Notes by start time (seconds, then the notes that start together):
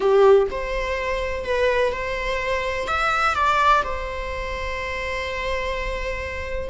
0.00 G4
0.50 C5
1.44 B4
1.92 C5
2.87 E5
3.34 D5
3.83 C5